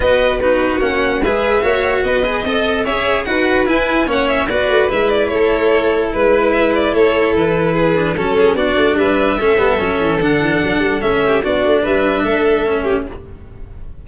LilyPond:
<<
  \new Staff \with { instrumentName = "violin" } { \time 4/4 \tempo 4 = 147 dis''4 b'4 fis''4 e''4~ | e''4 dis''2 e''4 | fis''4 gis''4 fis''8 e''8 d''4 | e''8 d''8 cis''2 b'4 |
e''8 d''8 cis''4 b'2 | a'4 d''4 e''2~ | e''4 fis''2 e''4 | d''4 e''2. | }
  \new Staff \with { instrumentName = "violin" } { \time 4/4 b'4 fis'2 b'4 | cis''4 b'4 dis''4 cis''4 | b'2 cis''4 b'4~ | b'4 a'2 b'4~ |
b'4 a'2 gis'4 | a'8 gis'8 fis'4 b'4 a'4~ | a'2.~ a'8 g'8 | fis'4 b'4 a'4. g'8 | }
  \new Staff \with { instrumentName = "cello" } { \time 4/4 fis'4 dis'4 cis'4 gis'4 | fis'4. gis'8 a'4 gis'4 | fis'4 e'4 cis'4 fis'4 | e'1~ |
e'2.~ e'8 d'8 | cis'4 d'2 cis'8 b8 | cis'4 d'2 cis'4 | d'2. cis'4 | }
  \new Staff \with { instrumentName = "tuba" } { \time 4/4 b2 ais4 gis4 | ais4 b4 c'4 cis'4 | dis'4 e'4 ais4 b8 a8 | gis4 a2 gis4~ |
gis4 a4 e2 | fis4 b8 a8 g4 a8 g8 | fis8 e8 d8 e8 fis8 g8 a4 | b8 a8 g4 a2 | }
>>